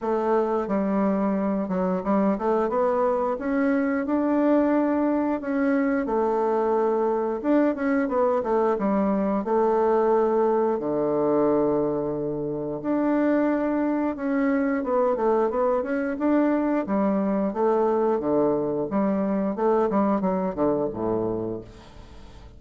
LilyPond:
\new Staff \with { instrumentName = "bassoon" } { \time 4/4 \tempo 4 = 89 a4 g4. fis8 g8 a8 | b4 cis'4 d'2 | cis'4 a2 d'8 cis'8 | b8 a8 g4 a2 |
d2. d'4~ | d'4 cis'4 b8 a8 b8 cis'8 | d'4 g4 a4 d4 | g4 a8 g8 fis8 d8 a,4 | }